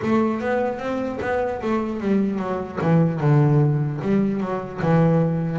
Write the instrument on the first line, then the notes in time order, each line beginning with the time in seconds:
double bass
0.02 A3
0.40 B3
0.79 C4
1.21 B3
1.61 A3
2.00 G3
2.39 F#3
2.81 E3
3.20 D3
4.01 G3
4.40 F#3
4.81 E3